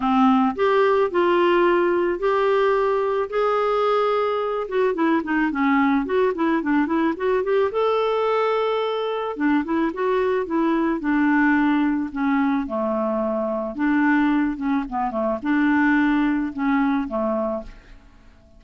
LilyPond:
\new Staff \with { instrumentName = "clarinet" } { \time 4/4 \tempo 4 = 109 c'4 g'4 f'2 | g'2 gis'2~ | gis'8 fis'8 e'8 dis'8 cis'4 fis'8 e'8 | d'8 e'8 fis'8 g'8 a'2~ |
a'4 d'8 e'8 fis'4 e'4 | d'2 cis'4 a4~ | a4 d'4. cis'8 b8 a8 | d'2 cis'4 a4 | }